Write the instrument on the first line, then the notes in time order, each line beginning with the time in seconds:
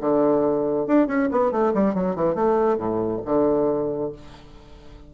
bassoon
0.00 D3
0.87 D4
1.07 C#4
1.31 B3
1.51 A3
1.74 G3
1.94 F#3
2.15 E3
2.35 A3
2.77 A2
3.25 D3